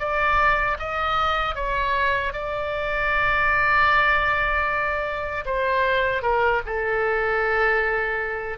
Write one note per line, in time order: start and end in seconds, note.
0.00 0.78 D5
0.79 1.55 D#5
1.55 2.33 C#5
2.33 5.45 D5
5.46 6.23 C5
6.23 6.62 A#4
6.66 8.59 A4